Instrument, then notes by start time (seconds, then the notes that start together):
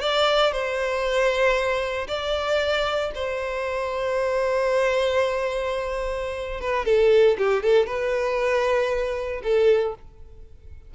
violin
0.00 D5
0.52 C5
2.07 D5
3.14 C5
6.60 B4
6.85 A4
7.38 G4
7.62 A4
7.86 B4
9.43 A4